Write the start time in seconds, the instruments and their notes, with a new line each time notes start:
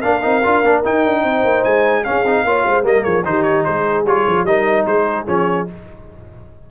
0.00 tuba A#3, trombone D4, horn A#4, trumpet F5
0.22 tuba C4, trombone D#4
0.44 tuba D4, trombone F4
0.63 tuba A#3, trombone D4
0.84 trombone D#4, tuba D#4, trumpet G5
1.05 tuba D4
1.23 tuba C4, horn C5
1.44 tuba A#3
1.64 tuba G#3, trumpet G#5
2.04 trombone C#4, tuba C#4, horn G#4, trumpet F5
2.25 tuba C4, trombone D#4
2.44 tuba A#3, trombone F4, horn C#5
2.66 tuba G#3, horn C5
2.83 tuba G3, trombone A#3, horn A#4, trumpet D#5
3.03 tuba F3, horn G#4, trumpet C#5
3.25 tuba D#3, trombone D#4, horn G4, trumpet C5
3.43 trumpet C#5
3.64 tuba G#3, horn G#4, trumpet C5
4.04 tuba G3, trombone F4, trumpet C#5
4.27 tuba F3
4.44 tuba G3, trombone D#4, horn A#4, trumpet D#5
4.86 tuba G#3, horn G#4, trumpet C5
5.27 tuba F3, trombone C#4, trumpet C#5